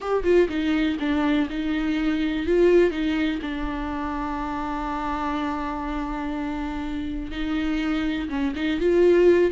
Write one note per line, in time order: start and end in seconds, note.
0.00 0.23 G4
0.23 0.48 F4
0.48 0.97 D#4
0.99 1.48 D4
1.49 2.46 D#4
2.46 2.90 F4
2.90 3.39 D#4
3.42 7.31 D4
7.31 8.29 D#4
8.29 8.53 C#4
8.55 8.80 D#4
8.80 9.51 F4